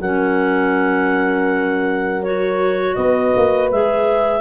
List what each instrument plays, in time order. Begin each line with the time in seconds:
0.00 tuba F#3, clarinet C#4 F#5, horn A#4
2.23 clarinet F#4 C#5
2.95 tuba B3, horn B4, clarinet D#5
3.36 tuba A#3
3.71 tuba G#3, clarinet G#4 E5